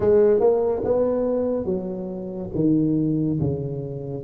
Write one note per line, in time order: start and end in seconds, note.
0.00 0.40 G#3
0.40 0.82 A#3
0.84 1.65 B3
1.65 2.49 F#3
2.54 3.39 D#3
3.40 4.23 C#3